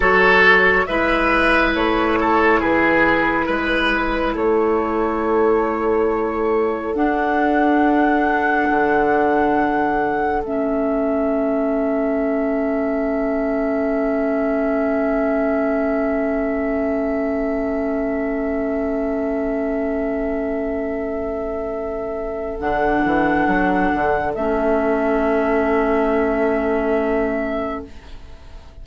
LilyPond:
<<
  \new Staff \with { instrumentName = "flute" } { \time 4/4 \tempo 4 = 69 cis''4 e''4 cis''4 b'4~ | b'4 cis''2. | fis''1 | e''1~ |
e''1~ | e''1~ | e''2 fis''2 | e''1 | }
  \new Staff \with { instrumentName = "oboe" } { \time 4/4 a'4 b'4. a'8 gis'4 | b'4 a'2.~ | a'1~ | a'1~ |
a'1~ | a'1~ | a'1~ | a'1 | }
  \new Staff \with { instrumentName = "clarinet" } { \time 4/4 fis'4 e'2.~ | e'1 | d'1 | cis'1~ |
cis'1~ | cis'1~ | cis'2 d'2 | cis'1 | }
  \new Staff \with { instrumentName = "bassoon" } { \time 4/4 fis4 gis4 a4 e4 | gis4 a2. | d'2 d2 | a1~ |
a1~ | a1~ | a2 d8 e8 fis8 d8 | a1 | }
>>